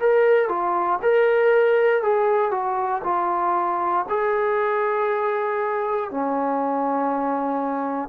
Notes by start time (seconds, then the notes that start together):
0.00 A#4
0.49 F4
1.02 A#4
2.02 G#4
2.51 F#4
3.04 F4
4.09 G#4
6.11 C#4